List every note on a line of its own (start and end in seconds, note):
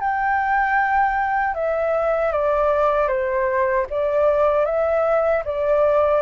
0.00 1.54 G5
1.54 2.32 E5
2.32 3.08 D5
3.08 3.86 C5
3.90 4.65 D5
4.65 5.43 E5
5.44 6.22 D5